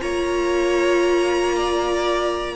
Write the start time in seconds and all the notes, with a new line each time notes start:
0.00 A#3 F4 C#5 A#5
1.56 D5